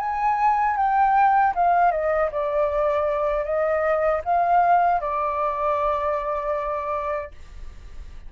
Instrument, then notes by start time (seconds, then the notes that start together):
flute
0.00 G#5
0.77 G5
1.56 F5
1.92 D#5
2.32 D5
3.45 D#5
4.25 F5
5.01 D5